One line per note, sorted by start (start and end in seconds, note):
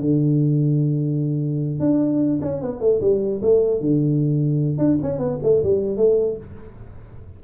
0.00 1.80 D3
1.80 2.40 D4
2.42 2.62 C#4
2.62 2.80 B3
2.80 3.00 A3
3.01 3.41 G3
3.42 3.81 A3
3.81 4.78 D3
4.78 4.98 D4
5.03 5.19 C#4
5.19 5.39 B3
5.43 5.63 A3
5.63 5.97 G3
5.97 6.37 A3